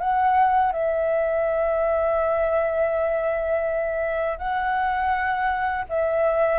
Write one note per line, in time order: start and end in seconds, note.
0.00 0.73 F#5
0.73 4.38 E5
4.39 5.85 F#5
5.89 6.59 E5